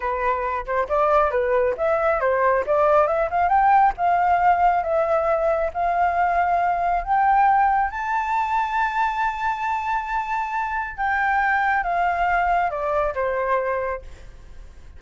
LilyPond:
\new Staff \with { instrumentName = "flute" } { \time 4/4 \tempo 4 = 137 b'4. c''8 d''4 b'4 | e''4 c''4 d''4 e''8 f''8 | g''4 f''2 e''4~ | e''4 f''2. |
g''2 a''2~ | a''1~ | a''4 g''2 f''4~ | f''4 d''4 c''2 | }